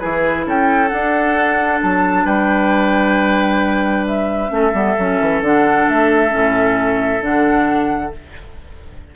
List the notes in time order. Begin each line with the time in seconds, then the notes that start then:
0.00 E3 E4 G#4 B4
0.47 C#4 A4 G5
0.89 D4 F#5
1.83 F#3 A5
2.25 G3 B4 G5
4.07 E5
4.49 A3 C#4 A4
4.74 G3 B3
4.99 F#3 C#4
5.21 E3
5.41 D3 D4 F#5
5.90 A3 E5
6.30 A2 C#4
7.21 D3 D4 F#5